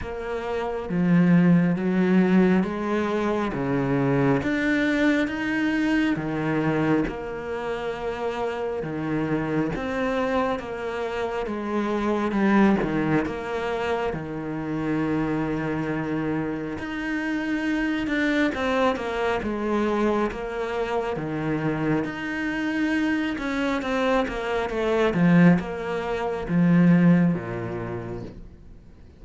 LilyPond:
\new Staff \with { instrumentName = "cello" } { \time 4/4 \tempo 4 = 68 ais4 f4 fis4 gis4 | cis4 d'4 dis'4 dis4 | ais2 dis4 c'4 | ais4 gis4 g8 dis8 ais4 |
dis2. dis'4~ | dis'8 d'8 c'8 ais8 gis4 ais4 | dis4 dis'4. cis'8 c'8 ais8 | a8 f8 ais4 f4 ais,4 | }